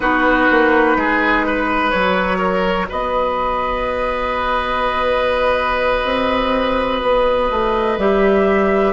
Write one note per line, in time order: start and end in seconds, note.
0.00 0.47 B3
0.00 1.93 D#4
0.00 0.97 F#4
0.00 1.90 B4
0.50 0.96 A#3
0.96 1.92 G#3
0.96 1.46 G#4
1.46 2.38 B4
1.90 2.90 F#3
1.90 7.98 F#4
1.90 2.87 C#5
2.38 2.86 A#4
2.89 6.04 B3
2.89 8.93 B4
2.89 7.99 D#5
6.04 7.01 C4
7.01 7.50 B3
7.50 7.97 A3
7.97 8.93 G3
7.97 8.93 G4
7.97 8.93 E5